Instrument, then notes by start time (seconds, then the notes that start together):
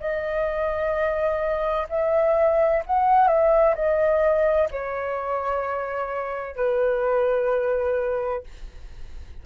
flute
0.00 D#5
1.90 E5
2.86 F#5
3.28 E5
3.75 D#5
4.71 C#5
6.56 B4